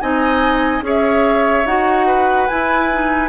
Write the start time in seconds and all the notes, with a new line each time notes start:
0.00 C4 D#4 D#5 G#5
0.81 C#4 G#4 C#5
0.88 E5
1.66 D#4 F#4 F#5
2.07 B4
2.48 E4 G#5
2.91 D#4